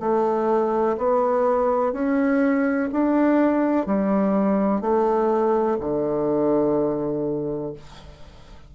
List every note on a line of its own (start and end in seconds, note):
0.00 0.97 A3
0.98 1.93 B3
1.93 2.89 C#4
2.92 3.86 D4
3.86 4.81 G3
4.81 5.78 A3
5.80 7.74 D3